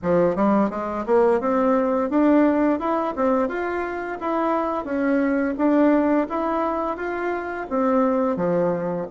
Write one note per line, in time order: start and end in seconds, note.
0.02 0.35 F3
0.35 0.70 G3
0.70 1.05 G#3
1.06 1.40 A#3
1.40 2.09 C4
2.09 2.79 D4
2.79 3.14 E4
3.15 3.48 C4
3.48 4.18 F4
4.20 4.84 E4
4.84 5.54 C#4
5.57 6.27 D4
6.29 6.96 E4
6.96 7.66 F4
7.69 8.36 C4
8.36 9.06 F3